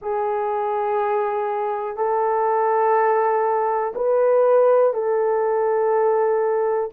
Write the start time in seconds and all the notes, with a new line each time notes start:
0.01 G#4
1.97 A4
3.95 B4
4.93 A4